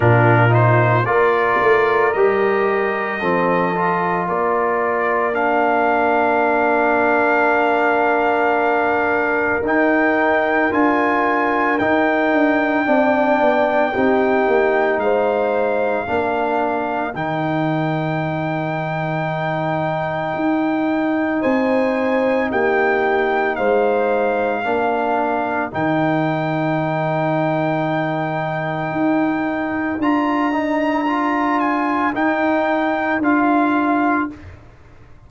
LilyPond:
<<
  \new Staff \with { instrumentName = "trumpet" } { \time 4/4 \tempo 4 = 56 ais'8 c''8 d''4 dis''2 | d''4 f''2.~ | f''4 g''4 gis''4 g''4~ | g''2 f''2 |
g''1 | gis''4 g''4 f''2 | g''1 | ais''4. gis''8 g''4 f''4 | }
  \new Staff \with { instrumentName = "horn" } { \time 4/4 f'4 ais'2 a'4 | ais'1~ | ais'1 | d''4 g'4 c''4 ais'4~ |
ais'1 | c''4 g'4 c''4 ais'4~ | ais'1~ | ais'1 | }
  \new Staff \with { instrumentName = "trombone" } { \time 4/4 d'8 dis'8 f'4 g'4 c'8 f'8~ | f'4 d'2.~ | d'4 dis'4 f'4 dis'4 | d'4 dis'2 d'4 |
dis'1~ | dis'2. d'4 | dis'1 | f'8 dis'8 f'4 dis'4 f'4 | }
  \new Staff \with { instrumentName = "tuba" } { \time 4/4 ais,4 ais8 a8 g4 f4 | ais1~ | ais4 dis'4 d'4 dis'8 d'8 | c'8 b8 c'8 ais8 gis4 ais4 |
dis2. dis'4 | c'4 ais4 gis4 ais4 | dis2. dis'4 | d'2 dis'4 d'4 | }
>>